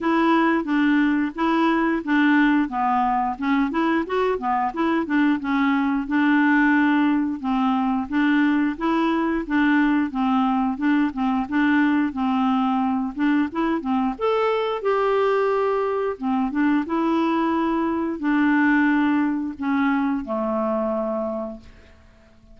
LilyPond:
\new Staff \with { instrumentName = "clarinet" } { \time 4/4 \tempo 4 = 89 e'4 d'4 e'4 d'4 | b4 cis'8 e'8 fis'8 b8 e'8 d'8 | cis'4 d'2 c'4 | d'4 e'4 d'4 c'4 |
d'8 c'8 d'4 c'4. d'8 | e'8 c'8 a'4 g'2 | c'8 d'8 e'2 d'4~ | d'4 cis'4 a2 | }